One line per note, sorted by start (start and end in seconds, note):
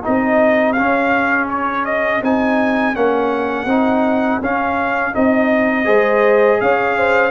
0.00 0.77 D#4
0.00 5.85 G#4
0.00 0.73 D#5
0.07 0.80 C4
0.73 2.23 C#4
0.73 1.46 F5
0.80 2.22 C#4
1.49 1.85 C#5
1.85 2.22 D#5
2.22 2.95 C4
2.22 2.94 D#4
2.22 2.95 G#5
2.94 3.66 A#3
2.94 3.68 C#4
2.94 4.42 F#5
3.66 4.39 C4
3.66 4.42 D#4
4.41 5.14 C#4
4.41 5.13 C#4
4.41 5.15 F5
5.13 5.87 C4
5.13 5.85 D#4
5.13 6.61 D#5
5.85 6.61 G#3
5.85 7.31 G#4
5.85 6.59 C5
6.61 7.31 C#4
6.61 6.98 C#5
6.61 7.31 F5
6.98 7.31 C5